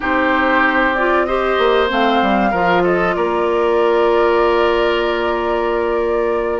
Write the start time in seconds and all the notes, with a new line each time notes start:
0.00 C4 D#4 G4 C5
0.95 F4 D5
1.25 G4 C5 D#5
1.58 A#3
1.88 A3 C4 F5
2.22 G3
2.50 F3 F4 A#4
2.83 A4 D#5
3.15 A#3 A#4 D5